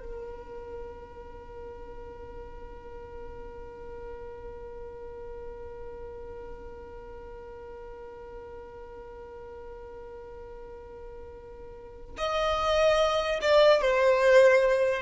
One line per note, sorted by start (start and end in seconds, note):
0.00 12.16 A#4
12.18 13.40 D#5
13.42 13.81 D5
13.81 15.02 C5